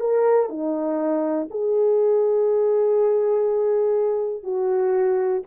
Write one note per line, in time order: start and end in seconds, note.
0.00 0.49 A#4
0.49 1.48 D#4
1.50 4.43 G#4
4.43 5.42 F#4